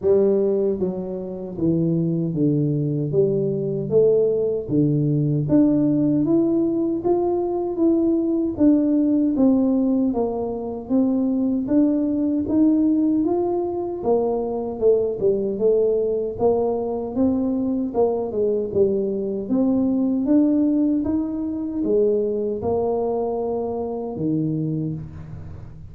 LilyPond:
\new Staff \with { instrumentName = "tuba" } { \time 4/4 \tempo 4 = 77 g4 fis4 e4 d4 | g4 a4 d4 d'4 | e'4 f'4 e'4 d'4 | c'4 ais4 c'4 d'4 |
dis'4 f'4 ais4 a8 g8 | a4 ais4 c'4 ais8 gis8 | g4 c'4 d'4 dis'4 | gis4 ais2 dis4 | }